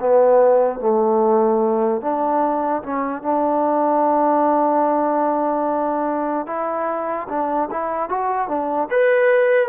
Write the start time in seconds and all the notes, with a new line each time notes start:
0.00 B3
0.80 A3
2.01 D4
2.83 C#4
3.22 D4
6.46 E4
7.29 D4
7.71 E4
8.09 F#4
8.48 D4
8.91 B4